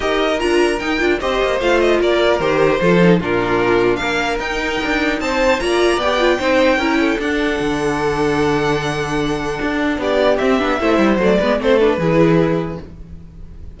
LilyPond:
<<
  \new Staff \with { instrumentName = "violin" } { \time 4/4 \tempo 4 = 150 dis''4 ais''4 g''4 dis''4 | f''8 dis''8 d''4 c''2 | ais'2 f''4 g''4~ | g''4 a''4 ais''4 g''4~ |
g''2 fis''2~ | fis''1~ | fis''4 d''4 e''2 | d''4 c''8 b'2~ b'8 | }
  \new Staff \with { instrumentName = "violin" } { \time 4/4 ais'2. c''4~ | c''4 ais'2 a'4 | f'2 ais'2~ | ais'4 c''4 d''2 |
c''4 ais'8 a'2~ a'8~ | a'1~ | a'4 g'2 c''4~ | c''8 b'8 a'4 gis'2 | }
  \new Staff \with { instrumentName = "viola" } { \time 4/4 g'4 f'4 dis'8 f'8 g'4 | f'2 g'4 f'8 dis'8 | d'2. dis'4~ | dis'2 f'4 g'8 f'8 |
dis'4 e'4 d'2~ | d'1~ | d'2 c'8 d'8 e'4 | a8 b8 c'8 d'8 e'2 | }
  \new Staff \with { instrumentName = "cello" } { \time 4/4 dis'4 d'4 dis'8 d'8 c'8 ais8 | a4 ais4 dis4 f4 | ais,2 ais4 dis'4 | d'4 c'4 ais4 b4 |
c'4 cis'4 d'4 d4~ | d1 | d'4 b4 c'8 b8 a8 g8 | fis8 gis8 a4 e2 | }
>>